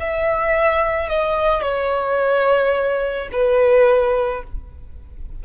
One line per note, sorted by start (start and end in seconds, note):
0.00 1.10 E5
1.10 1.63 D#5
1.63 3.29 C#5
3.32 4.43 B4